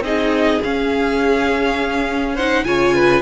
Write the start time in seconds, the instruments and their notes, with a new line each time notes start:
0.00 cello C4, viola D#4, violin G#4 D#5
0.63 viola C#4, cello C#4, violin F5
2.34 viola D#4, violin C5 F#5
2.64 cello C#3, viola F4, violin C#5 G#5
2.95 violin B4